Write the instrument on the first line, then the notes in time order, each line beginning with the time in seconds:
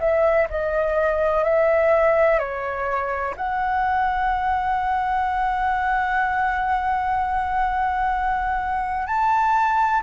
flute
0.00 E5
0.50 D#5
1.45 E5
2.39 C#5
3.37 F#5
9.07 A5